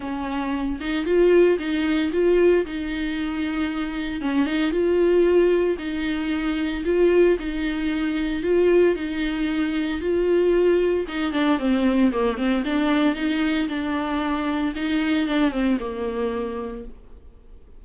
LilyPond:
\new Staff \with { instrumentName = "viola" } { \time 4/4 \tempo 4 = 114 cis'4. dis'8 f'4 dis'4 | f'4 dis'2. | cis'8 dis'8 f'2 dis'4~ | dis'4 f'4 dis'2 |
f'4 dis'2 f'4~ | f'4 dis'8 d'8 c'4 ais8 c'8 | d'4 dis'4 d'2 | dis'4 d'8 c'8 ais2 | }